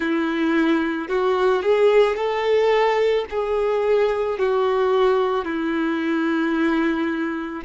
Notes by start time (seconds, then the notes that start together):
0.00 E4
1.08 F#4
1.62 G#4
2.16 A4
3.30 G#4
4.38 F#4
5.44 E4